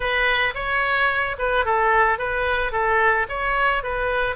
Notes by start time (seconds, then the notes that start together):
0.00 B4
0.54 C#5
1.38 B4
1.65 A4
2.18 B4
2.72 A4
3.28 C#5
3.83 B4